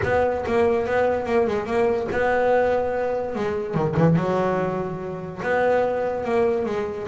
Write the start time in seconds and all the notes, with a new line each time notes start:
0.03 B3
0.46 A#3
0.86 B3
1.26 A#3
1.47 G#3
1.66 A#3
2.11 B3
3.35 G#3
3.74 D#3
3.97 E3
4.16 F#3
5.42 B3
6.24 A#3
6.65 G#3